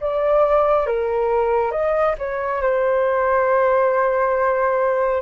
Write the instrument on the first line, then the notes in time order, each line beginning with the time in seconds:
flute
0.00 D5
0.87 A#4
1.72 D#5
2.18 C#5
2.62 C5